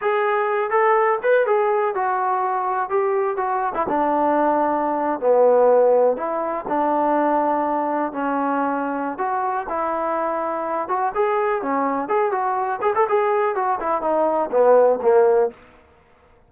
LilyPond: \new Staff \with { instrumentName = "trombone" } { \time 4/4 \tempo 4 = 124 gis'4. a'4 b'8 gis'4 | fis'2 g'4 fis'8. e'16 | d'2~ d'8. b4~ b16~ | b8. e'4 d'2~ d'16~ |
d'8. cis'2~ cis'16 fis'4 | e'2~ e'8 fis'8 gis'4 | cis'4 gis'8 fis'4 gis'16 a'16 gis'4 | fis'8 e'8 dis'4 b4 ais4 | }